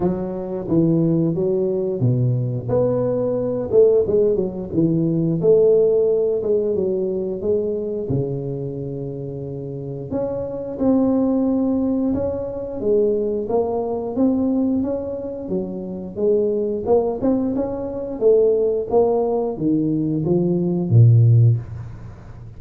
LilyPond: \new Staff \with { instrumentName = "tuba" } { \time 4/4 \tempo 4 = 89 fis4 e4 fis4 b,4 | b4. a8 gis8 fis8 e4 | a4. gis8 fis4 gis4 | cis2. cis'4 |
c'2 cis'4 gis4 | ais4 c'4 cis'4 fis4 | gis4 ais8 c'8 cis'4 a4 | ais4 dis4 f4 ais,4 | }